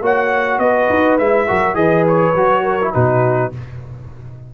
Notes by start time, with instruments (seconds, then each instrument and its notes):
0.00 tuba A#3, trombone F#4, horn C#5, trumpet F#5
0.58 tuba B3, horn B4, trumpet D#5
0.89 tuba D#4
1.18 tuba G#3, trombone E4, trumpet E5
1.47 tuba F#3, trombone F#4, horn A#4
1.74 tuba E3, trombone G#4, horn B4, trumpet D#5
2.07 trumpet C#5
2.34 tuba F#3, trombone F#4
2.63 horn A#4
2.81 trombone E4
2.93 tuba B2, trombone D#4, horn F#4, trumpet B4